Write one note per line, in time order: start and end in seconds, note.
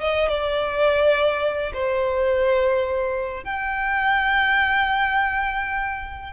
0.00 0.28 D#5
0.28 1.73 D5
1.73 3.44 C5
3.44 6.32 G5